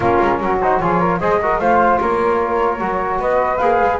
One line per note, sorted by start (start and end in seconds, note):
0.00 0.18 A#3
0.00 0.61 C#4
0.00 0.39 F4
0.00 0.58 A#4
0.21 0.40 G#3
0.40 0.80 F#3
0.40 0.82 F#4
0.60 0.81 D#4
0.60 0.79 C5
0.79 1.20 F3
0.79 1.21 F4
0.79 0.99 G#4
0.79 1.19 C#5
0.99 1.19 A#4
1.20 1.58 G#3
1.20 1.41 G#4
1.20 1.40 C5
1.20 1.59 D#5
1.42 1.60 F#4
1.42 1.60 A#4
1.58 1.98 A3
1.58 2.79 F4
1.58 2.00 C5
1.58 1.99 F5
2.01 2.80 A#3
2.01 3.19 A#4
2.01 3.21 C#5
2.79 3.19 F#3
2.79 3.59 F#4
3.19 3.59 B3
3.19 3.99 B4
3.19 3.57 D#5
3.57 3.80 A#3
3.57 4.00 G#4
3.57 3.97 F5
3.81 4.00 G#3